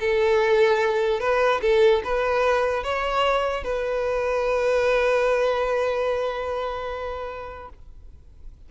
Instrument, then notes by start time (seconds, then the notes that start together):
violin
0.00 A4
1.20 B4
1.62 A4
2.04 B4
2.84 C#5
3.64 B4